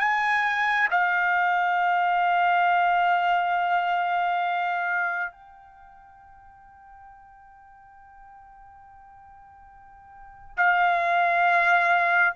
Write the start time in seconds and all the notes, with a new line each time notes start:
0.00 G#5
0.90 F5
5.31 G5
10.57 F5